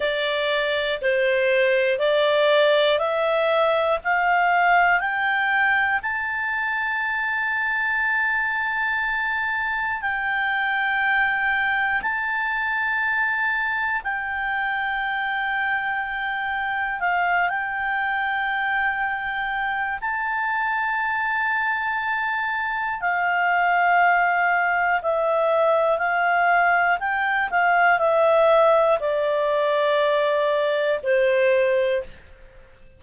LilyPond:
\new Staff \with { instrumentName = "clarinet" } { \time 4/4 \tempo 4 = 60 d''4 c''4 d''4 e''4 | f''4 g''4 a''2~ | a''2 g''2 | a''2 g''2~ |
g''4 f''8 g''2~ g''8 | a''2. f''4~ | f''4 e''4 f''4 g''8 f''8 | e''4 d''2 c''4 | }